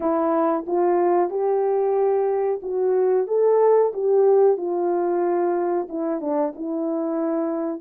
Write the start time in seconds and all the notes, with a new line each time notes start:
0.00 E4
0.66 F4
1.30 G4
2.62 F#4
3.27 A4
3.93 G4
4.57 F4
5.88 E4
6.20 D4
6.55 E4